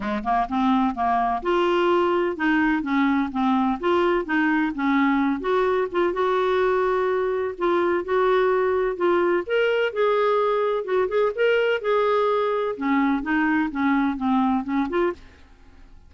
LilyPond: \new Staff \with { instrumentName = "clarinet" } { \time 4/4 \tempo 4 = 127 gis8 ais8 c'4 ais4 f'4~ | f'4 dis'4 cis'4 c'4 | f'4 dis'4 cis'4. fis'8~ | fis'8 f'8 fis'2. |
f'4 fis'2 f'4 | ais'4 gis'2 fis'8 gis'8 | ais'4 gis'2 cis'4 | dis'4 cis'4 c'4 cis'8 f'8 | }